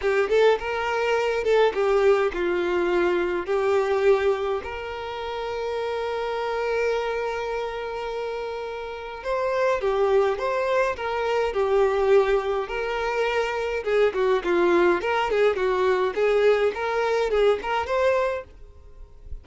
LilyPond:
\new Staff \with { instrumentName = "violin" } { \time 4/4 \tempo 4 = 104 g'8 a'8 ais'4. a'8 g'4 | f'2 g'2 | ais'1~ | ais'1 |
c''4 g'4 c''4 ais'4 | g'2 ais'2 | gis'8 fis'8 f'4 ais'8 gis'8 fis'4 | gis'4 ais'4 gis'8 ais'8 c''4 | }